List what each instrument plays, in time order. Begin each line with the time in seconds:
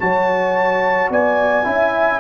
0.00 tuba F#3, trombone F#4, horn C#5, trumpet A5
1.10 tuba B3, horn D5, trumpet G#5
1.64 tuba C#4, trombone E4, horn E5